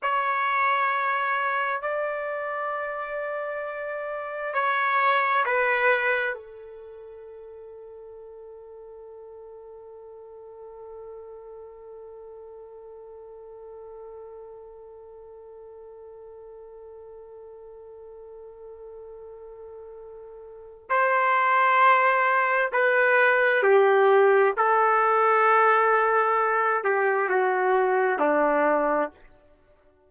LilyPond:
\new Staff \with { instrumentName = "trumpet" } { \time 4/4 \tempo 4 = 66 cis''2 d''2~ | d''4 cis''4 b'4 a'4~ | a'1~ | a'1~ |
a'1~ | a'2. c''4~ | c''4 b'4 g'4 a'4~ | a'4. g'8 fis'4 d'4 | }